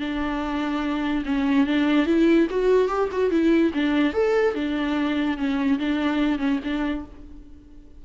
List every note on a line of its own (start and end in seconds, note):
0.00 1.24 D4
1.26 1.67 C#4
1.67 2.06 D4
2.06 2.48 E4
2.50 2.89 F#4
2.89 3.09 G4
3.12 3.31 F#4
3.31 3.72 E4
3.74 4.14 D4
4.14 4.55 A4
4.55 5.38 D4
5.38 5.79 C#4
5.79 6.39 D4
6.39 6.60 C#4
6.64 7.06 D4